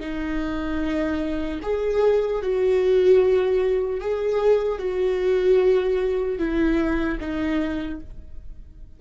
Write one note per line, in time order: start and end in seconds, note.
0.00 1.60 D#4
1.62 2.42 G#4
2.42 4.00 F#4
4.00 4.79 G#4
4.79 6.39 F#4
6.39 7.19 E4
7.20 8.00 D#4